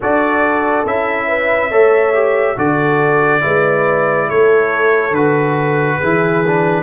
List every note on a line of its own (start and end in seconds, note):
0.01 0.86 D4
0.01 0.86 F#4
0.01 1.27 A4
0.01 0.86 D5
0.86 1.70 C#4
0.86 1.71 E4
0.86 2.58 E5
1.27 1.69 B4
1.70 2.56 A3
1.70 2.13 A4
1.70 2.56 C#5
2.13 2.56 G4
2.56 3.42 D3
2.56 3.40 F#4
2.56 3.43 A4
2.56 4.29 D5
3.40 4.30 G#3
3.40 5.12 E4
3.40 4.28 B4
4.28 5.10 A3
4.28 5.98 A4
4.28 5.14 C#5
5.10 5.96 D3
5.10 6.01 F#4
5.10 6.82 B4
5.98 6.82 E3
5.98 6.44 E4
5.98 6.82 G#4
6.46 6.82 D4